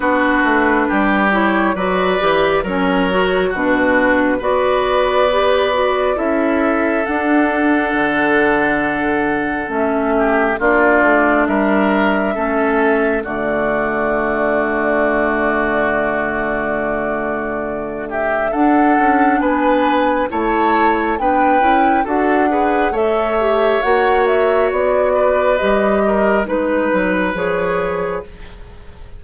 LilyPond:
<<
  \new Staff \with { instrumentName = "flute" } { \time 4/4 \tempo 4 = 68 b'4. cis''8 d''4 cis''4 | b'4 d''2 e''4 | fis''2. e''4 | d''4 e''2 d''4~ |
d''1~ | d''8 e''8 fis''4 gis''4 a''4 | g''4 fis''4 e''4 fis''8 e''8 | d''4 dis''4 b'4 cis''4 | }
  \new Staff \with { instrumentName = "oboe" } { \time 4/4 fis'4 g'4 b'4 ais'4 | fis'4 b'2 a'4~ | a'2.~ a'8 g'8 | f'4 ais'4 a'4 fis'4~ |
fis'1~ | fis'8 g'8 a'4 b'4 cis''4 | b'4 a'8 b'8 cis''2~ | cis''8 b'4 ais'8 b'2 | }
  \new Staff \with { instrumentName = "clarinet" } { \time 4/4 d'4. e'8 fis'8 g'8 cis'8 fis'8 | d'4 fis'4 g'8 fis'8 e'4 | d'2. cis'4 | d'2 cis'4 a4~ |
a1~ | a4 d'2 e'4 | d'8 e'8 fis'8 gis'8 a'8 g'8 fis'4~ | fis'4 g'4 dis'4 gis'4 | }
  \new Staff \with { instrumentName = "bassoon" } { \time 4/4 b8 a8 g4 fis8 e8 fis4 | b,4 b2 cis'4 | d'4 d2 a4 | ais8 a8 g4 a4 d4~ |
d1~ | d4 d'8 cis'8 b4 a4 | b8 cis'8 d'4 a4 ais4 | b4 g4 gis8 fis8 f4 | }
>>